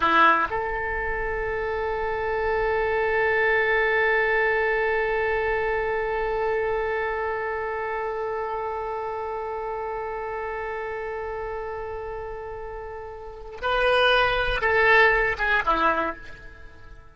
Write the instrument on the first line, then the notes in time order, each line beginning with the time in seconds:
oboe
0.00 E4
0.50 A4
13.61 B4
14.61 A4
15.38 G#4
15.65 E4